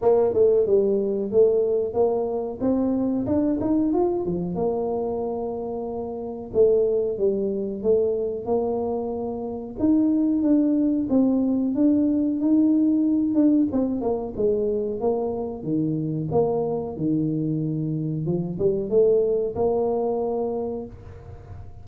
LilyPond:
\new Staff \with { instrumentName = "tuba" } { \time 4/4 \tempo 4 = 92 ais8 a8 g4 a4 ais4 | c'4 d'8 dis'8 f'8 f8 ais4~ | ais2 a4 g4 | a4 ais2 dis'4 |
d'4 c'4 d'4 dis'4~ | dis'8 d'8 c'8 ais8 gis4 ais4 | dis4 ais4 dis2 | f8 g8 a4 ais2 | }